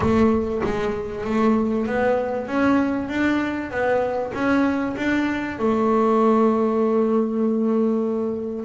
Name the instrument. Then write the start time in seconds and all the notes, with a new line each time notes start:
double bass
0.00 A3
0.64 G#3
1.24 A3
1.86 B3
2.47 C#4
3.08 D4
3.70 B3
4.34 C#4
4.97 D4
5.58 A3